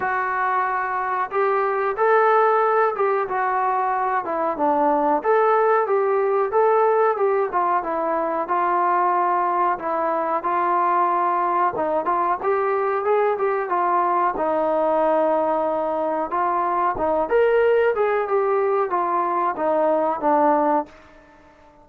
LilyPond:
\new Staff \with { instrumentName = "trombone" } { \time 4/4 \tempo 4 = 92 fis'2 g'4 a'4~ | a'8 g'8 fis'4. e'8 d'4 | a'4 g'4 a'4 g'8 f'8 | e'4 f'2 e'4 |
f'2 dis'8 f'8 g'4 | gis'8 g'8 f'4 dis'2~ | dis'4 f'4 dis'8 ais'4 gis'8 | g'4 f'4 dis'4 d'4 | }